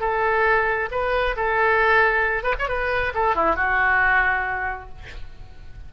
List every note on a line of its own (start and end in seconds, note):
0.00 0.89 A4
0.91 1.36 B4
1.36 2.43 A4
2.43 2.54 B4
2.59 2.68 C#5
2.68 3.13 B4
3.14 3.35 A4
3.35 3.55 E4
3.55 4.89 F#4